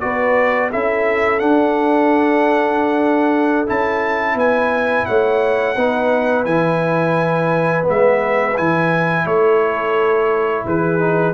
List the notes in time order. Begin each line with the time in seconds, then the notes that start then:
0.00 B3 F#4 B4 D5
0.71 C#4 E4 A4 E5
1.39 D4 F#5
3.67 C#4 E4 A5
4.34 B3 B4 G#5
5.05 A3 C#5 F#5
5.76 B3 D#4 B4
6.45 E3 E4 G#5
7.83 G#3 B3
7.89 E5
8.57 E3 E4 G#5
9.25 A3 A4 C#5
10.65 E3 G#4 B4
10.99 D#4